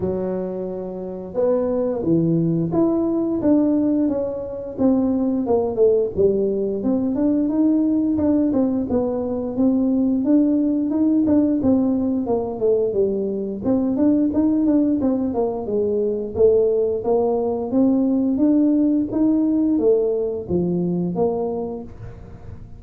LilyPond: \new Staff \with { instrumentName = "tuba" } { \time 4/4 \tempo 4 = 88 fis2 b4 e4 | e'4 d'4 cis'4 c'4 | ais8 a8 g4 c'8 d'8 dis'4 | d'8 c'8 b4 c'4 d'4 |
dis'8 d'8 c'4 ais8 a8 g4 | c'8 d'8 dis'8 d'8 c'8 ais8 gis4 | a4 ais4 c'4 d'4 | dis'4 a4 f4 ais4 | }